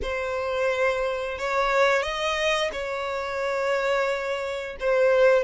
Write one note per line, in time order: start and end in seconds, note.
0.02 1.38 C5
1.38 2.02 C#5
2.02 2.70 D#5
2.72 4.76 C#5
4.79 5.43 C5